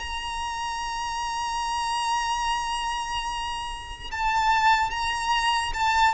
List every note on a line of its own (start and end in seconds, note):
0.00 4.11 A#5
4.11 4.91 A5
4.91 5.73 A#5
5.74 6.14 A5